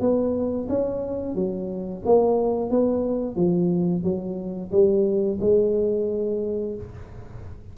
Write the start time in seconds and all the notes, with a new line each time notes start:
0.00 B3
0.69 C#4
1.35 F#3
2.05 A#3
2.70 B3
3.36 F3
4.03 F#3
4.71 G3
5.41 G#3